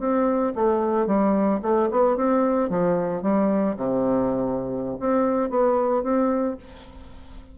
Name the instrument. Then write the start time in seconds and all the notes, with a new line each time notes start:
bassoon
0.00 C4
0.56 A3
1.07 G3
1.63 A3
1.92 B3
2.17 C4
2.70 F3
3.23 G3
3.77 C3
5.00 C4
5.50 B3
6.04 C4